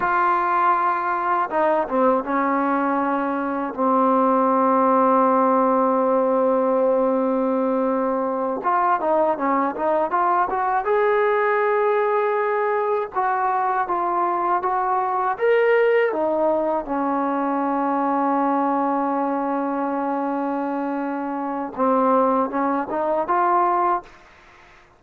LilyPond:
\new Staff \with { instrumentName = "trombone" } { \time 4/4 \tempo 4 = 80 f'2 dis'8 c'8 cis'4~ | cis'4 c'2.~ | c'2.~ c'8 f'8 | dis'8 cis'8 dis'8 f'8 fis'8 gis'4.~ |
gis'4. fis'4 f'4 fis'8~ | fis'8 ais'4 dis'4 cis'4.~ | cis'1~ | cis'4 c'4 cis'8 dis'8 f'4 | }